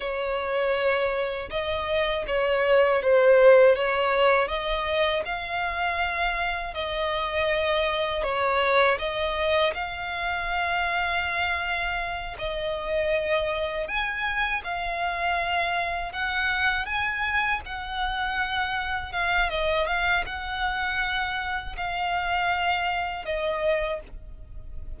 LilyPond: \new Staff \with { instrumentName = "violin" } { \time 4/4 \tempo 4 = 80 cis''2 dis''4 cis''4 | c''4 cis''4 dis''4 f''4~ | f''4 dis''2 cis''4 | dis''4 f''2.~ |
f''8 dis''2 gis''4 f''8~ | f''4. fis''4 gis''4 fis''8~ | fis''4. f''8 dis''8 f''8 fis''4~ | fis''4 f''2 dis''4 | }